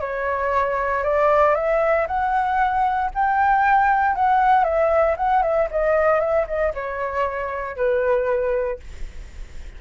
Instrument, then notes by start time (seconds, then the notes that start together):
flute
0.00 C#5
1.03 D5
1.55 E5
2.07 F#5
3.14 G5
4.15 F#5
4.64 E5
5.17 F#5
5.42 E5
5.71 D#5
6.20 E5
6.47 D#5
6.74 C#5
7.76 B4